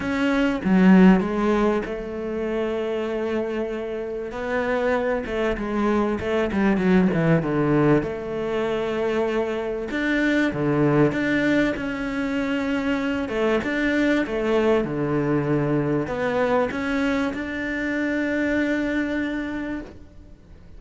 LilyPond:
\new Staff \with { instrumentName = "cello" } { \time 4/4 \tempo 4 = 97 cis'4 fis4 gis4 a4~ | a2. b4~ | b8 a8 gis4 a8 g8 fis8 e8 | d4 a2. |
d'4 d4 d'4 cis'4~ | cis'4. a8 d'4 a4 | d2 b4 cis'4 | d'1 | }